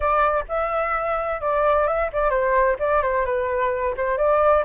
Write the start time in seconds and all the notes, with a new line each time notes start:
0.00 D5
0.48 E5
1.40 D5
1.87 E5
2.12 D5
2.30 C5
2.79 D5
3.02 C5
3.25 B4
3.96 C5
4.17 D5